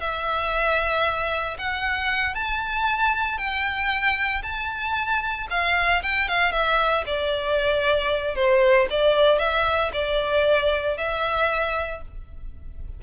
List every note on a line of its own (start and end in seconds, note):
0.00 1.57 E5
1.58 2.34 F#5
2.34 3.37 A5
3.37 4.42 G5
4.43 5.47 A5
5.50 6.02 F5
6.02 6.28 G5
6.28 6.51 F5
6.51 7.04 E5
7.06 8.35 D5
8.35 8.87 C5
8.90 9.38 D5
9.38 9.91 E5
9.93 10.97 D5
10.97 12.02 E5